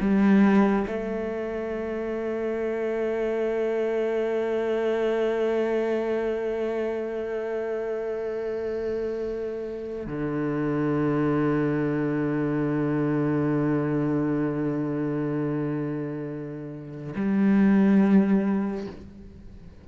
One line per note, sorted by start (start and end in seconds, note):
0.00 0.86 G3
0.87 10.06 A3
10.06 17.13 D3
17.15 18.86 G3